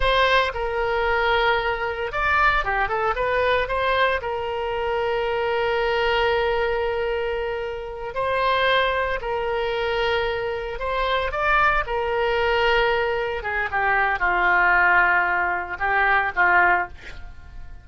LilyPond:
\new Staff \with { instrumentName = "oboe" } { \time 4/4 \tempo 4 = 114 c''4 ais'2. | d''4 g'8 a'8 b'4 c''4 | ais'1~ | ais'2.~ ais'8 c''8~ |
c''4. ais'2~ ais'8~ | ais'8 c''4 d''4 ais'4.~ | ais'4. gis'8 g'4 f'4~ | f'2 g'4 f'4 | }